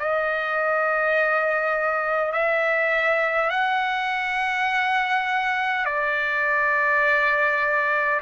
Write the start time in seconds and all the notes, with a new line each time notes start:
0.00 D#5
2.33 E5
3.50 F#5
5.86 D5